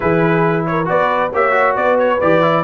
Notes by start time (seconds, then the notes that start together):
0.00 E3 E4 G#4 B4
0.66 A#4 C#5
0.85 B3 F#4 B4 D5
1.33 A#3 G4 C#5 E5
1.51 F#4
1.76 B3 B4 D5
1.98 C#5
2.20 E3 G4 D5
2.41 E4